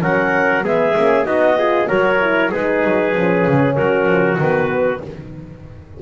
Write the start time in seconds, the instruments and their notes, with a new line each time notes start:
0.00 double bass F#3, horn C#4, trumpet A#4, clarinet F#5
0.62 double bass G#3, horn B3, trumpet G#4, clarinet E5
0.96 double bass A#3, horn C#4
1.24 double bass B3, horn D#4, trumpet F#4, clarinet D#5
1.58 horn F4, trumpet G#4
1.88 double bass F#3, horn F#4, trumpet A#4, clarinet C#5
2.20 horn E4
2.51 double bass G#3, horn D#4, trumpet G#4, clarinet B4
2.84 double bass F#3
3.13 double bass F3, horn C#4
3.46 double bass C#3
3.75 double bass F#3, trumpet F#4, clarinet A#4
4.06 double bass F3
4.38 double bass D#3, horn B3, clarinet B4